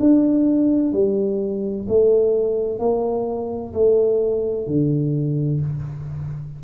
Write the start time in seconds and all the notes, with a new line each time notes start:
0.00 D4
0.93 G3
1.88 A3
2.80 A#3
3.74 A3
4.67 D3